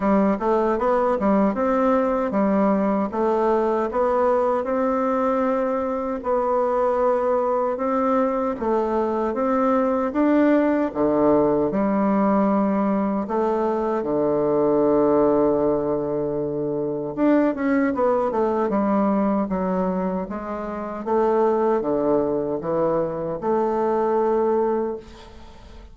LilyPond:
\new Staff \with { instrumentName = "bassoon" } { \time 4/4 \tempo 4 = 77 g8 a8 b8 g8 c'4 g4 | a4 b4 c'2 | b2 c'4 a4 | c'4 d'4 d4 g4~ |
g4 a4 d2~ | d2 d'8 cis'8 b8 a8 | g4 fis4 gis4 a4 | d4 e4 a2 | }